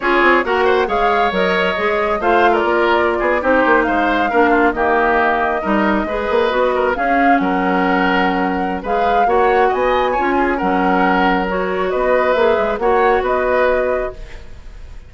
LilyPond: <<
  \new Staff \with { instrumentName = "flute" } { \time 4/4 \tempo 4 = 136 cis''4 fis''4 f''4 dis''4~ | dis''4 f''8. d''2 c''16~ | c''8. f''2 dis''4~ dis''16~ | dis''2.~ dis''8. f''16~ |
f''8. fis''2.~ fis''16 | f''4 fis''4 gis''2 | fis''2 cis''4 dis''4 | e''4 fis''4 dis''2 | }
  \new Staff \with { instrumentName = "oboe" } { \time 4/4 gis'4 ais'8 c''8 cis''2~ | cis''4 c''8. ais'4. gis'8 g'16~ | g'8. c''4 ais'8 f'8 g'4~ g'16~ | g'8. ais'4 b'4. ais'8 gis'16~ |
gis'8. ais'2.~ ais'16 | b'4 cis''4 dis''4 cis''8 gis'8 | ais'2. b'4~ | b'4 cis''4 b'2 | }
  \new Staff \with { instrumentName = "clarinet" } { \time 4/4 f'4 fis'4 gis'4 ais'4 | gis'4 f'2~ f'8. dis'16~ | dis'4.~ dis'16 d'4 ais4~ ais16~ | ais8. dis'4 gis'4 fis'4 cis'16~ |
cis'1 | gis'4 fis'2 f'4 | cis'2 fis'2 | gis'4 fis'2. | }
  \new Staff \with { instrumentName = "bassoon" } { \time 4/4 cis'8 c'8 ais4 gis4 fis4 | gis4 a4 ais4~ ais16 b8 c'16~ | c'16 ais8 gis4 ais4 dis4~ dis16~ | dis8. g4 gis8 ais8 b4 cis'16~ |
cis'8. fis2.~ fis16 | gis4 ais4 b4 cis'4 | fis2. b4 | ais8 gis8 ais4 b2 | }
>>